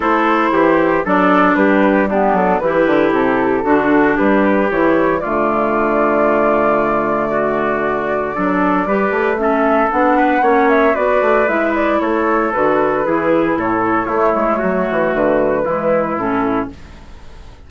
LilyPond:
<<
  \new Staff \with { instrumentName = "flute" } { \time 4/4 \tempo 4 = 115 c''2 d''4 b'4 | g'8 a'8 b'4 a'2 | b'4 cis''4 d''2~ | d''1~ |
d''2 e''4 fis''4~ | fis''8 e''8 d''4 e''8 d''8 cis''4 | b'2 cis''2~ | cis''4 b'2 a'4 | }
  \new Staff \with { instrumentName = "trumpet" } { \time 4/4 a'4 g'4 a'4 g'4 | d'4 g'2 fis'4 | g'2 f'2~ | f'2 fis'2 |
a'4 b'4 a'4. b'8 | cis''4 b'2 a'4~ | a'4 gis'4 a'4 e'4 | fis'2 e'2 | }
  \new Staff \with { instrumentName = "clarinet" } { \time 4/4 e'2 d'2 | b4 e'2 d'4~ | d'4 e'4 a2~ | a1 |
d'4 g'4 cis'4 d'4 | cis'4 fis'4 e'2 | fis'4 e'2 a4~ | a2 gis4 cis'4 | }
  \new Staff \with { instrumentName = "bassoon" } { \time 4/4 a4 e4 fis4 g4~ | g8 fis8 e8 d8 c4 d4 | g4 e4 d2~ | d1 |
fis4 g8 a4. b4 | ais4 b8 a8 gis4 a4 | d4 e4 a,4 a8 gis8 | fis8 e8 d4 e4 a,4 | }
>>